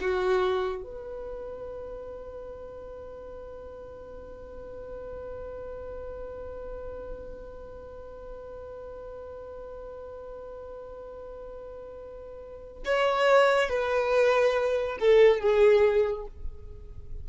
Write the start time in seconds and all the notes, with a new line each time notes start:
0.00 F#4
0.83 B4
12.85 C#5
13.69 B4
14.99 A4
15.40 G#4